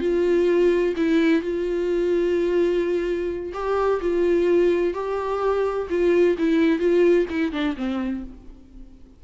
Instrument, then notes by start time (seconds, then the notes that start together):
viola
0.00 F4
0.96 E4
1.41 F4
3.53 G4
4.01 F4
4.94 G4
5.89 F4
6.38 E4
6.79 F4
7.29 E4
7.52 D4
7.76 C4